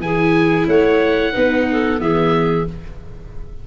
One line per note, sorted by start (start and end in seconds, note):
0.00 0.66 E3
0.00 1.33 E4
0.00 0.68 G#4
0.00 0.68 G#5
0.68 1.34 A3
0.68 1.33 C#5
0.68 2.01 F#5
1.33 2.00 B3
1.33 1.99 D#4
1.33 1.66 B4
1.71 2.02 A4
1.99 2.66 E3
1.99 2.65 B3
1.99 2.67 G#4
1.99 2.67 E5